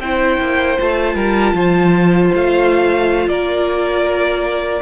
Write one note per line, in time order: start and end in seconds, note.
0.00 0.38 C4
0.00 0.78 E4
0.00 1.15 C5
0.00 0.78 G5
0.40 0.78 A#3
0.78 1.15 A3
0.78 4.82 F4
0.78 2.35 A5
1.15 1.54 G3
1.15 1.53 A#4
1.54 2.31 F3
1.54 3.29 C5
2.34 3.27 A3
2.34 3.29 F5
3.27 4.81 A#3
3.27 4.82 A#4
3.27 4.82 D5